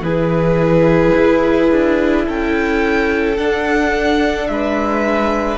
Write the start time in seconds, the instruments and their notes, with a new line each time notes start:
0.00 cello E3, viola E4, violin G#4 B4
1.16 cello E4
1.72 cello D4
2.26 cello C#4, violin A4 G5
3.37 viola D4, cello D4, violin F#5
4.48 cello G#3, violin B4 E5